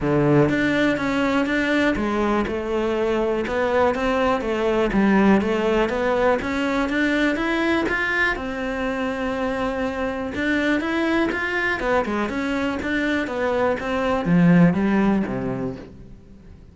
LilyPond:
\new Staff \with { instrumentName = "cello" } { \time 4/4 \tempo 4 = 122 d4 d'4 cis'4 d'4 | gis4 a2 b4 | c'4 a4 g4 a4 | b4 cis'4 d'4 e'4 |
f'4 c'2.~ | c'4 d'4 e'4 f'4 | b8 gis8 cis'4 d'4 b4 | c'4 f4 g4 c4 | }